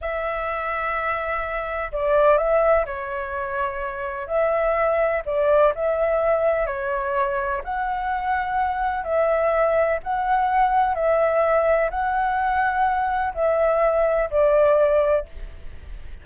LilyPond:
\new Staff \with { instrumentName = "flute" } { \time 4/4 \tempo 4 = 126 e''1 | d''4 e''4 cis''2~ | cis''4 e''2 d''4 | e''2 cis''2 |
fis''2. e''4~ | e''4 fis''2 e''4~ | e''4 fis''2. | e''2 d''2 | }